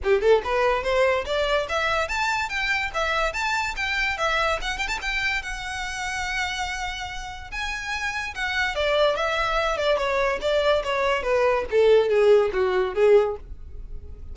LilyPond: \new Staff \with { instrumentName = "violin" } { \time 4/4 \tempo 4 = 144 g'8 a'8 b'4 c''4 d''4 | e''4 a''4 g''4 e''4 | a''4 g''4 e''4 fis''8 g''16 a''16 | g''4 fis''2.~ |
fis''2 gis''2 | fis''4 d''4 e''4. d''8 | cis''4 d''4 cis''4 b'4 | a'4 gis'4 fis'4 gis'4 | }